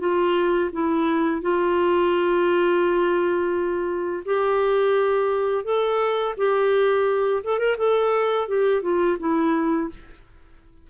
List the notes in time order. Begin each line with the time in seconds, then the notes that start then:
0.00 F4
0.73 E4
1.42 F4
4.26 G4
5.65 A4
6.37 G4
7.44 A4
7.59 A#4
7.78 A4
8.48 G4
8.82 F4
9.19 E4